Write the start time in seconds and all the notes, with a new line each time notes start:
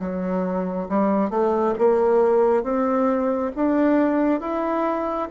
0.00 F#3
0.89 G3
1.30 A3
1.79 A#3
2.63 C4
3.56 D4
4.40 E4